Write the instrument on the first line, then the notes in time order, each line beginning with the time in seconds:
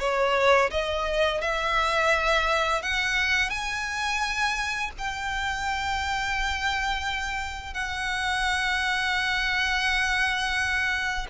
violin
0.00 C#5
0.71 D#5
1.41 E5
2.83 F#5
3.50 G#5
4.99 G5
7.74 F#5